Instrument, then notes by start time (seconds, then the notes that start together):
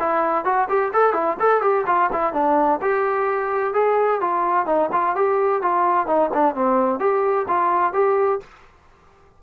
trombone
0.00 E4
0.45 F#4
0.69 G4
0.94 A4
1.14 E4
1.40 A4
1.62 G4
1.87 F4
2.13 E4
2.34 D4
2.82 G4
3.74 G#4
4.21 F4
4.67 D#4
4.93 F4
5.16 G4
5.62 F4
6.07 D#4
6.34 D4
6.55 C4
7.00 G4
7.49 F4
7.94 G4